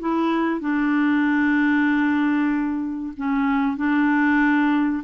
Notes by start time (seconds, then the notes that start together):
0.00 E4
0.61 D4
3.17 C#4
3.77 D4